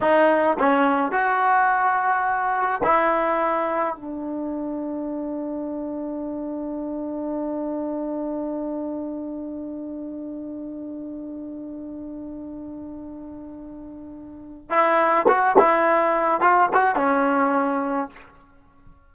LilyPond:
\new Staff \with { instrumentName = "trombone" } { \time 4/4 \tempo 4 = 106 dis'4 cis'4 fis'2~ | fis'4 e'2 d'4~ | d'1~ | d'1~ |
d'1~ | d'1~ | d'2 e'4 fis'8 e'8~ | e'4 f'8 fis'8 cis'2 | }